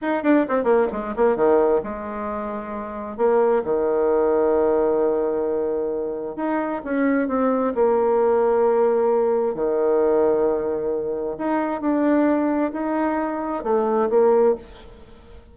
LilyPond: \new Staff \with { instrumentName = "bassoon" } { \time 4/4 \tempo 4 = 132 dis'8 d'8 c'8 ais8 gis8 ais8 dis4 | gis2. ais4 | dis1~ | dis2 dis'4 cis'4 |
c'4 ais2.~ | ais4 dis2.~ | dis4 dis'4 d'2 | dis'2 a4 ais4 | }